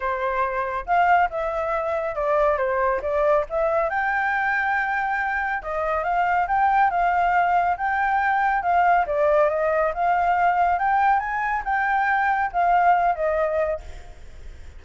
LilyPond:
\new Staff \with { instrumentName = "flute" } { \time 4/4 \tempo 4 = 139 c''2 f''4 e''4~ | e''4 d''4 c''4 d''4 | e''4 g''2.~ | g''4 dis''4 f''4 g''4 |
f''2 g''2 | f''4 d''4 dis''4 f''4~ | f''4 g''4 gis''4 g''4~ | g''4 f''4. dis''4. | }